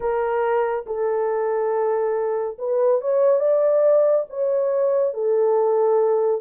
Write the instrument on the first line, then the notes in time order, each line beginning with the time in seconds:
horn
0.00 A#4
0.86 A4
2.58 B4
3.01 C#5
3.39 D5
4.29 C#5
5.13 A4